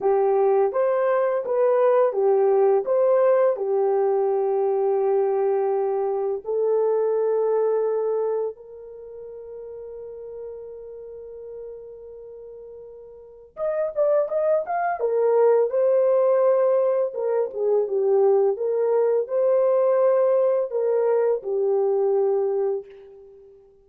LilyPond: \new Staff \with { instrumentName = "horn" } { \time 4/4 \tempo 4 = 84 g'4 c''4 b'4 g'4 | c''4 g'2.~ | g'4 a'2. | ais'1~ |
ais'2. dis''8 d''8 | dis''8 f''8 ais'4 c''2 | ais'8 gis'8 g'4 ais'4 c''4~ | c''4 ais'4 g'2 | }